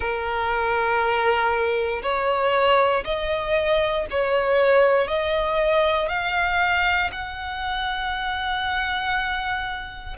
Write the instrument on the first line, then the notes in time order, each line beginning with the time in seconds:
violin
0.00 A#4
2.02 C#5
3.04 D#5
4.10 C#5
5.07 D#5
6.08 F5
7.11 F#5